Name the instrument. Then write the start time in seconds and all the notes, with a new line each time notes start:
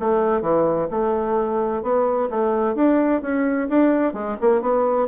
bassoon
0.00 A3
0.41 E3
0.90 A3
1.83 B3
2.30 A3
2.75 D4
3.22 C#4
3.69 D4
4.14 G#3
4.41 A#3
4.62 B3